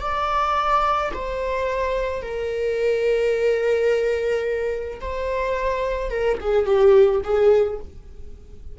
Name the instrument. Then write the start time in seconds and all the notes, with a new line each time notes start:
viola
0.00 D5
1.13 C5
2.22 A#4
5.01 C5
6.10 A#4
6.40 G#4
6.65 G4
7.23 G#4